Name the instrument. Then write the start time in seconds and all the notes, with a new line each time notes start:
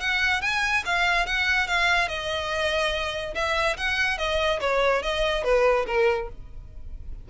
violin
0.00 F#5
0.41 G#5
0.85 F5
1.26 F#5
1.67 F5
2.08 D#5
3.34 E5
3.77 F#5
4.17 D#5
4.60 C#5
5.02 D#5
5.44 B4
5.86 A#4